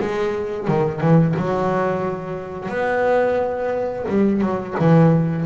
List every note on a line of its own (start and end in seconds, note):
0.00 0.68 G#3
0.68 1.01 D#3
1.01 1.35 E3
1.37 2.69 F#3
2.69 4.05 B3
4.08 4.41 G3
4.41 4.75 F#3
4.79 5.45 E3